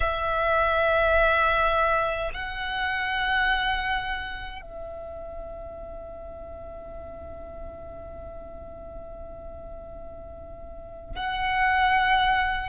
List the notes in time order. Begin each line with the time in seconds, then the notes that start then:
0.00 E5
2.33 F#5
4.61 E5
11.15 F#5